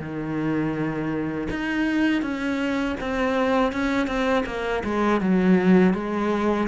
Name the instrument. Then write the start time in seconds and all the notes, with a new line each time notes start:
cello
0.00 D#3
1.50 D#4
2.22 C#4
3.00 C4
3.72 C#4
4.07 C4
4.46 A#3
4.84 G#3
5.21 F#3
5.94 G#3